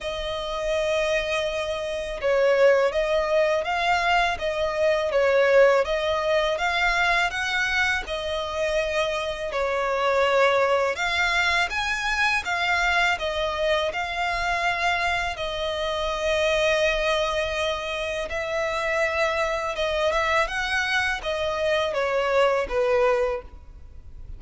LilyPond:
\new Staff \with { instrumentName = "violin" } { \time 4/4 \tempo 4 = 82 dis''2. cis''4 | dis''4 f''4 dis''4 cis''4 | dis''4 f''4 fis''4 dis''4~ | dis''4 cis''2 f''4 |
gis''4 f''4 dis''4 f''4~ | f''4 dis''2.~ | dis''4 e''2 dis''8 e''8 | fis''4 dis''4 cis''4 b'4 | }